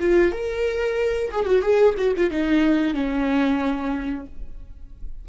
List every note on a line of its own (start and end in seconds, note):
0.00 0.32 F4
0.32 1.31 A#4
1.31 1.46 G#4
1.46 1.62 F#4
1.62 1.95 G#4
1.98 2.14 F#4
2.16 2.30 F4
2.30 2.94 D#4
2.94 4.26 C#4